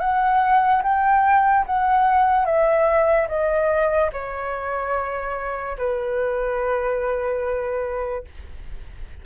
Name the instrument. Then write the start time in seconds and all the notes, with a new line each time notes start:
flute
0.00 F#5
0.83 G5
1.66 F#5
2.45 E5
3.28 D#5
4.12 C#5
5.78 B4